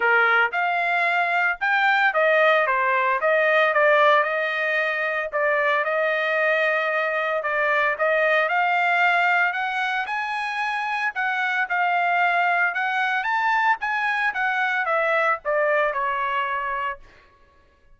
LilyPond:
\new Staff \with { instrumentName = "trumpet" } { \time 4/4 \tempo 4 = 113 ais'4 f''2 g''4 | dis''4 c''4 dis''4 d''4 | dis''2 d''4 dis''4~ | dis''2 d''4 dis''4 |
f''2 fis''4 gis''4~ | gis''4 fis''4 f''2 | fis''4 a''4 gis''4 fis''4 | e''4 d''4 cis''2 | }